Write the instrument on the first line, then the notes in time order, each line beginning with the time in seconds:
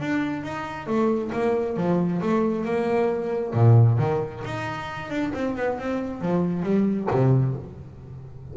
double bass
0.00 D4
0.43 D#4
0.87 A3
1.32 A#3
1.77 F3
2.21 A3
2.65 A#3
3.54 A#2
3.98 D#3
4.45 D#4
5.10 D4
5.34 C4
5.56 B3
5.78 C4
6.21 F3
6.63 G3
7.11 C3